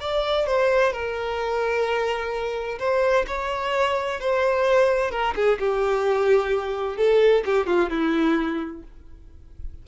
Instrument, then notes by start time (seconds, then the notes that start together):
violin
0.00 D5
0.47 C5
0.93 A#4
2.79 C5
3.27 C#5
4.20 C5
5.11 A#4
5.35 G#4
5.59 G4
6.97 A4
7.45 G4
7.66 F4
7.90 E4